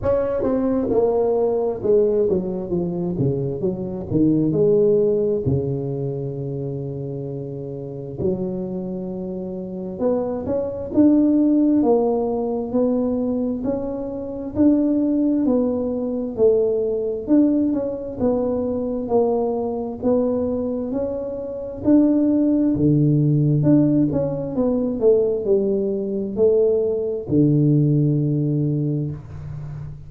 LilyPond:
\new Staff \with { instrumentName = "tuba" } { \time 4/4 \tempo 4 = 66 cis'8 c'8 ais4 gis8 fis8 f8 cis8 | fis8 dis8 gis4 cis2~ | cis4 fis2 b8 cis'8 | d'4 ais4 b4 cis'4 |
d'4 b4 a4 d'8 cis'8 | b4 ais4 b4 cis'4 | d'4 d4 d'8 cis'8 b8 a8 | g4 a4 d2 | }